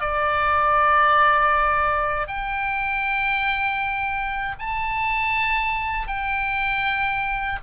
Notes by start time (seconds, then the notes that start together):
0.00 D5
2.28 G5
4.59 A5
6.07 G5